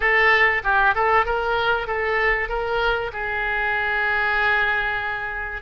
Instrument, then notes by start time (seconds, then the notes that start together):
oboe
0.00 A4
0.63 G4
0.95 A4
1.25 A#4
1.87 A4
2.48 A#4
3.12 G#4